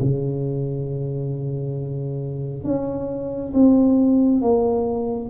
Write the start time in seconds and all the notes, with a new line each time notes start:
0.00 C#3
2.64 C#4
3.54 C4
4.42 A#3